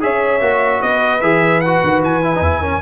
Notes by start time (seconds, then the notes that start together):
0.00 C#4 G#4 C#5 E5
0.41 A#3 F#4
0.81 B3 B4 D#5
1.21 E3 G#4 E5
1.60 F#4 F#5
1.83 D#3
2.02 E3 G#5
2.23 E4
2.35 E2 D#4
2.43 E4
2.60 C#4 A#4